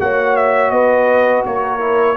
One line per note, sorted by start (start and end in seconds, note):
0.00 0.71 A#3
0.00 1.80 F#4
0.00 0.73 C#5
0.00 0.36 F#5
0.36 0.71 E5
0.71 1.43 B3
0.71 1.45 B4
0.71 1.43 D#5
1.45 2.17 A#3
1.45 2.17 A#4
1.45 2.17 C#5
1.80 2.16 E4